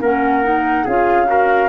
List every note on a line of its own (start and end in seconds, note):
0.00 0.85 A#3
0.00 0.43 C#4
0.00 0.84 A#4
0.00 0.87 F#5
0.43 0.86 D#4
0.84 1.69 C#4
0.84 1.26 F4
0.84 1.27 G#4
0.84 1.69 F5
1.26 1.68 F#4
1.26 1.69 A#4